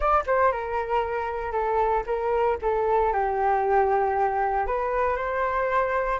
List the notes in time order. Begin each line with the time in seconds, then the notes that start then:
0.00 D5
0.26 C5
0.51 A#4
1.51 A4
2.06 A#4
2.61 A4
3.12 G4
4.67 B4
5.16 C5